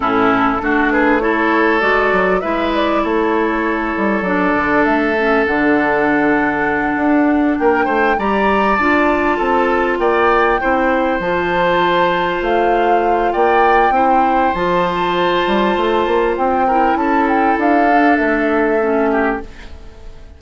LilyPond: <<
  \new Staff \with { instrumentName = "flute" } { \time 4/4 \tempo 4 = 99 a'4. b'8 cis''4 d''4 | e''8 d''8 cis''2 d''4 | e''4 fis''2.~ | fis''8 g''4 ais''4 a''4.~ |
a''8 g''2 a''4.~ | a''8 f''4. g''2 | a''2. g''4 | a''8 g''8 f''4 e''2 | }
  \new Staff \with { instrumentName = "oboe" } { \time 4/4 e'4 fis'8 gis'8 a'2 | b'4 a'2.~ | a'1~ | a'8 ais'8 c''8 d''2 a'8~ |
a'8 d''4 c''2~ c''8~ | c''2 d''4 c''4~ | c''2.~ c''8 ais'8 | a'2.~ a'8 g'8 | }
  \new Staff \with { instrumentName = "clarinet" } { \time 4/4 cis'4 d'4 e'4 fis'4 | e'2. d'4~ | d'8 cis'8 d'2.~ | d'4. g'4 f'4.~ |
f'4. e'4 f'4.~ | f'2. e'4 | f'2.~ f'8 e'8~ | e'4. d'4. cis'4 | }
  \new Staff \with { instrumentName = "bassoon" } { \time 4/4 a,4 a2 gis8 fis8 | gis4 a4. g8 fis8 d8 | a4 d2~ d8 d'8~ | d'8 ais8 a8 g4 d'4 c'8~ |
c'8 ais4 c'4 f4.~ | f8 a4. ais4 c'4 | f4. g8 a8 ais8 c'4 | cis'4 d'4 a2 | }
>>